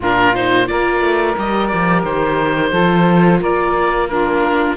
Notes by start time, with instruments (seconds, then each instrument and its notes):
0.00 cello A#2, viola D4, saxophone F4, oboe A#4
0.35 viola D#4, oboe C5
0.66 cello A#3, viola F4, saxophone A#4, oboe D5
1.01 cello A3
1.37 cello G3, viola G4, oboe D#5
1.67 oboe D5
1.73 cello F3
2.03 cello D#3, oboe C5
2.71 cello F3, viola F4, saxophone A4
3.40 cello A#3, saxophone A#4, oboe D5
4.08 viola D4, saxophone F4, oboe A#4